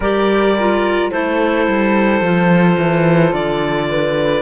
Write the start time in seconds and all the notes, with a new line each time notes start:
0.00 G3 G4 A#4 D5
0.59 F4
1.11 A3 E4 A4 C5
1.67 G3
2.21 F3 F4
2.78 E3
3.32 D3 D5
3.89 B4